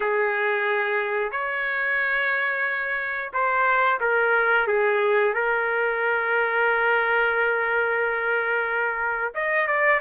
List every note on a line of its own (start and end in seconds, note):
0.00 1.31 G#4
1.31 3.31 C#5
3.33 3.99 C5
4.00 4.67 A#4
4.67 5.34 G#4
5.34 9.34 A#4
9.34 9.67 D#5
9.67 10.00 D5